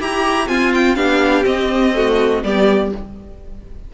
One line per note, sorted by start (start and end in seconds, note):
0.00 0.49 E4
0.00 0.47 G4
0.00 0.48 G4
0.00 0.48 A#5
0.47 0.96 C4
0.47 0.96 F4
0.47 0.72 G#5
0.74 0.95 G5
0.95 1.45 B3
0.95 1.44 D4
0.95 1.94 G4
0.95 1.44 F5
1.44 1.93 C4
1.44 2.43 C4
1.44 2.43 D#5
1.94 2.43 A3
1.94 2.44 F#4
2.43 2.92 G3
2.43 2.92 B3
2.43 2.94 G4
2.43 2.92 D5